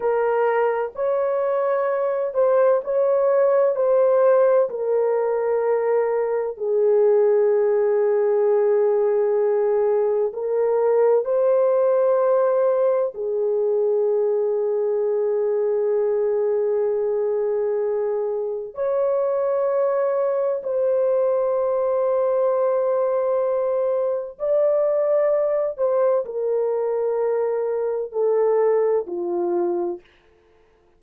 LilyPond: \new Staff \with { instrumentName = "horn" } { \time 4/4 \tempo 4 = 64 ais'4 cis''4. c''8 cis''4 | c''4 ais'2 gis'4~ | gis'2. ais'4 | c''2 gis'2~ |
gis'1 | cis''2 c''2~ | c''2 d''4. c''8 | ais'2 a'4 f'4 | }